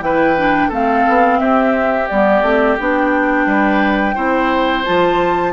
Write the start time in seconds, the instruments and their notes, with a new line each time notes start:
0.00 bassoon E3, clarinet E4, oboe B4, flute G5
0.37 clarinet D4
0.69 bassoon A3, clarinet C4, oboe A4, flute F5
1.08 bassoon B3
1.39 bassoon C4, oboe G4, flute E5
2.08 bassoon G3, clarinet B3, flute D5
2.42 bassoon A3, clarinet C4
2.79 bassoon B3, clarinet D4, flute G5
3.46 bassoon G3, oboe B4
4.15 bassoon C4, clarinet E4, oboe C5
4.84 bassoon F3, clarinet F4, flute A5